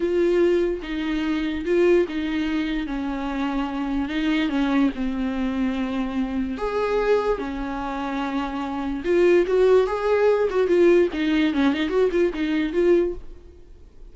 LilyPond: \new Staff \with { instrumentName = "viola" } { \time 4/4 \tempo 4 = 146 f'2 dis'2 | f'4 dis'2 cis'4~ | cis'2 dis'4 cis'4 | c'1 |
gis'2 cis'2~ | cis'2 f'4 fis'4 | gis'4. fis'8 f'4 dis'4 | cis'8 dis'8 fis'8 f'8 dis'4 f'4 | }